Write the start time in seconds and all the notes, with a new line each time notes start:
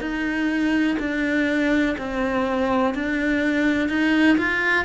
0.00 D#4
0.99 D4
1.98 C4
2.94 D4
3.89 D#4
4.38 F4